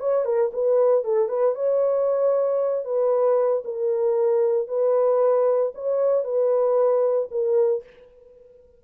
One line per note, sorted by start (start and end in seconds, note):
0.00 0.25 C#5
0.25 0.51 A#4
0.53 1.05 B4
1.05 1.29 A4
1.29 1.55 B4
1.55 2.85 C#5
2.85 3.63 B4
3.65 4.68 A#4
4.68 5.72 B4
5.75 6.24 C#5
6.24 7.29 B4
7.31 7.83 A#4